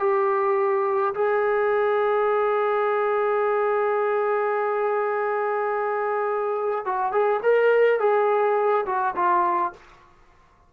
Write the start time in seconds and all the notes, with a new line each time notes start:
0.00 G4
1.15 G#4
6.85 F#4
7.12 G#4
7.43 A#4
8.00 G#4
8.86 F#4
9.16 F4